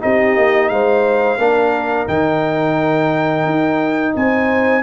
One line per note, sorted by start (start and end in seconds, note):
0.00 0.36 C4
0.00 1.38 D#4
0.00 0.72 G4
0.00 0.68 D#5
0.36 0.70 A#3
0.68 1.38 G#3
0.68 1.38 C5
0.68 2.06 F5
1.38 2.07 A#3
1.38 2.07 D4
1.38 4.14 A#4
2.07 3.45 D#3
2.07 4.83 D#4
2.07 4.14 G5
3.45 4.14 D#4
4.14 4.83 C4
4.14 4.83 C5
4.14 4.83 G#5